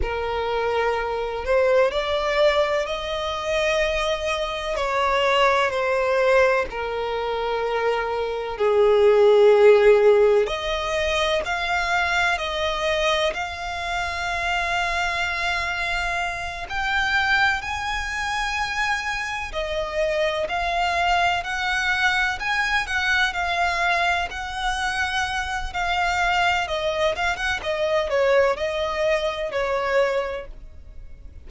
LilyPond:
\new Staff \with { instrumentName = "violin" } { \time 4/4 \tempo 4 = 63 ais'4. c''8 d''4 dis''4~ | dis''4 cis''4 c''4 ais'4~ | ais'4 gis'2 dis''4 | f''4 dis''4 f''2~ |
f''4. g''4 gis''4.~ | gis''8 dis''4 f''4 fis''4 gis''8 | fis''8 f''4 fis''4. f''4 | dis''8 f''16 fis''16 dis''8 cis''8 dis''4 cis''4 | }